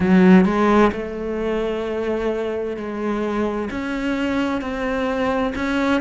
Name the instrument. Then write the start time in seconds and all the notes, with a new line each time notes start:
cello
0.00 F#3
0.45 G#3
0.92 A3
2.77 G#3
3.70 C#4
4.61 C4
5.55 C#4